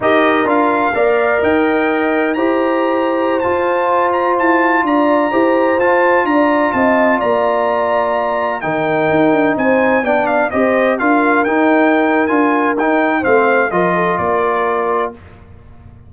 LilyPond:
<<
  \new Staff \with { instrumentName = "trumpet" } { \time 4/4 \tempo 4 = 127 dis''4 f''2 g''4~ | g''4 ais''2~ ais''16 a''8.~ | a''8. ais''8 a''4 ais''4.~ ais''16~ | ais''16 a''4 ais''4 a''4 ais''8.~ |
ais''2~ ais''16 g''4.~ g''16~ | g''16 gis''4 g''8 f''8 dis''4 f''8.~ | f''16 g''4.~ g''16 gis''4 g''4 | f''4 dis''4 d''2 | }
  \new Staff \with { instrumentName = "horn" } { \time 4/4 ais'2 d''4 dis''4~ | dis''4 c''2.~ | c''2~ c''16 d''4 c''8.~ | c''4~ c''16 d''4 dis''4 d''8.~ |
d''2~ d''16 ais'4.~ ais'16~ | ais'16 c''4 d''4 c''4 ais'8.~ | ais'1 | c''4 ais'8 a'8 ais'2 | }
  \new Staff \with { instrumentName = "trombone" } { \time 4/4 g'4 f'4 ais'2~ | ais'4 g'2~ g'16 f'8.~ | f'2.~ f'16 g'8.~ | g'16 f'2.~ f'8.~ |
f'2~ f'16 dis'4.~ dis'16~ | dis'4~ dis'16 d'4 g'4 f'8.~ | f'16 dis'4.~ dis'16 f'4 dis'4 | c'4 f'2. | }
  \new Staff \with { instrumentName = "tuba" } { \time 4/4 dis'4 d'4 ais4 dis'4~ | dis'4 e'2~ e'16 f'8.~ | f'4~ f'16 e'4 d'4 e'8.~ | e'16 f'4 d'4 c'4 ais8.~ |
ais2~ ais16 dis4 dis'8 d'16~ | d'16 c'4 b4 c'4 d'8.~ | d'16 dis'4.~ dis'16 d'4 dis'4 | a4 f4 ais2 | }
>>